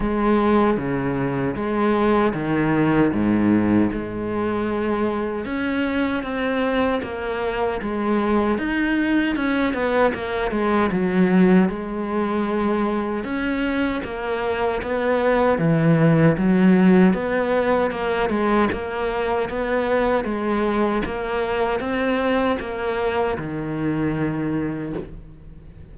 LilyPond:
\new Staff \with { instrumentName = "cello" } { \time 4/4 \tempo 4 = 77 gis4 cis4 gis4 dis4 | gis,4 gis2 cis'4 | c'4 ais4 gis4 dis'4 | cis'8 b8 ais8 gis8 fis4 gis4~ |
gis4 cis'4 ais4 b4 | e4 fis4 b4 ais8 gis8 | ais4 b4 gis4 ais4 | c'4 ais4 dis2 | }